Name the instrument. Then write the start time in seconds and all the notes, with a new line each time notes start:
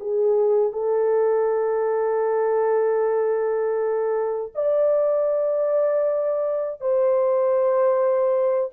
horn
0.00 G#4
0.72 A4
4.55 D5
6.81 C5